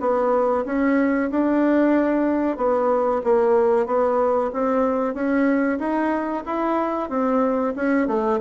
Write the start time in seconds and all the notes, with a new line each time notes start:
0.00 B3
0.66 C#4
1.30 D4
2.57 B3
3.24 A#3
3.86 B3
4.53 C4
5.14 C#4
5.79 D#4
6.46 E4
7.09 C4
7.76 C#4
8.07 A3